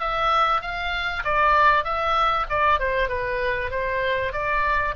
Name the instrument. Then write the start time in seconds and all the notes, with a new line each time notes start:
oboe
0.00 E5
0.62 F5
1.24 D5
1.84 E5
2.49 D5
2.80 C5
3.09 B4
3.71 C5
4.33 D5